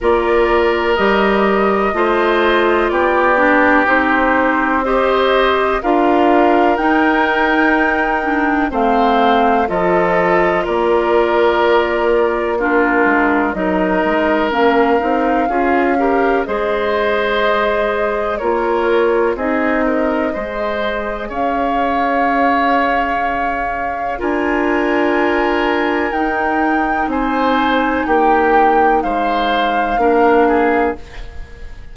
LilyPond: <<
  \new Staff \with { instrumentName = "flute" } { \time 4/4 \tempo 4 = 62 d''4 dis''2 d''4 | c''4 dis''4 f''4 g''4~ | g''4 f''4 dis''4 d''4~ | d''4 ais'4 dis''4 f''4~ |
f''4 dis''2 cis''4 | dis''2 f''2~ | f''4 gis''2 g''4 | gis''4 g''4 f''2 | }
  \new Staff \with { instrumentName = "oboe" } { \time 4/4 ais'2 c''4 g'4~ | g'4 c''4 ais'2~ | ais'4 c''4 a'4 ais'4~ | ais'4 f'4 ais'2 |
gis'8 ais'8 c''2 ais'4 | gis'8 ais'8 c''4 cis''2~ | cis''4 ais'2. | c''4 g'4 c''4 ais'8 gis'8 | }
  \new Staff \with { instrumentName = "clarinet" } { \time 4/4 f'4 g'4 f'4. d'8 | dis'4 g'4 f'4 dis'4~ | dis'8 d'8 c'4 f'2~ | f'4 d'4 dis'4 cis'8 dis'8 |
f'8 g'8 gis'2 f'4 | dis'4 gis'2.~ | gis'4 f'2 dis'4~ | dis'2. d'4 | }
  \new Staff \with { instrumentName = "bassoon" } { \time 4/4 ais4 g4 a4 b4 | c'2 d'4 dis'4~ | dis'4 a4 f4 ais4~ | ais4. gis8 fis8 gis8 ais8 c'8 |
cis'4 gis2 ais4 | c'4 gis4 cis'2~ | cis'4 d'2 dis'4 | c'4 ais4 gis4 ais4 | }
>>